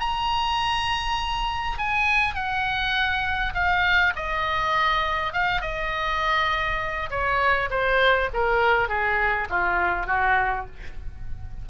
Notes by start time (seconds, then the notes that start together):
0.00 A#5
1.78 G#5
2.35 F#5
3.54 F5
4.16 D#5
5.33 F5
5.62 D#5
7.10 C#5
7.70 C5
8.33 A#4
8.89 G#4
9.50 F4
10.07 F#4